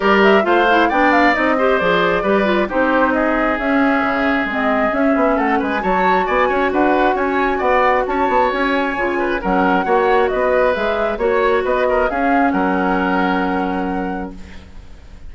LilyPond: <<
  \new Staff \with { instrumentName = "flute" } { \time 4/4 \tempo 4 = 134 d''8 e''8 f''4 g''8 f''8 dis''4 | d''2 c''4 dis''4 | e''2 dis''4 e''4 | fis''8 gis''8 a''4 gis''4 fis''4 |
gis''4 fis''4 a''4 gis''4~ | gis''4 fis''2 dis''4 | e''4 cis''4 dis''4 f''4 | fis''1 | }
  \new Staff \with { instrumentName = "oboe" } { \time 4/4 ais'4 c''4 d''4. c''8~ | c''4 b'4 g'4 gis'4~ | gis'1 | a'8 b'8 cis''4 d''8 cis''8 b'4 |
cis''4 d''4 cis''2~ | cis''8 b'8 ais'4 cis''4 b'4~ | b'4 cis''4 b'8 ais'8 gis'4 | ais'1 | }
  \new Staff \with { instrumentName = "clarinet" } { \time 4/4 g'4 f'8 e'8 d'4 dis'8 g'8 | gis'4 g'8 f'8 dis'2 | cis'2 c'4 cis'4~ | cis'4 fis'2.~ |
fis'1 | f'4 cis'4 fis'2 | gis'4 fis'2 cis'4~ | cis'1 | }
  \new Staff \with { instrumentName = "bassoon" } { \time 4/4 g4 a4 b4 c'4 | f4 g4 c'2 | cis'4 cis4 gis4 cis'8 b8 | a8 gis8 fis4 b8 cis'8 d'4 |
cis'4 b4 cis'8 b8 cis'4 | cis4 fis4 ais4 b4 | gis4 ais4 b4 cis'4 | fis1 | }
>>